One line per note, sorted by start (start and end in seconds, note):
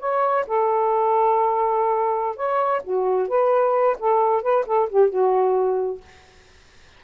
0.00 0.45 C#5
0.47 2.37 A4
2.37 2.82 C#5
2.84 3.29 F#4
3.29 3.97 B4
4.00 4.43 A4
4.43 4.65 B4
4.67 4.89 A4
4.90 5.10 G4
5.10 6.01 F#4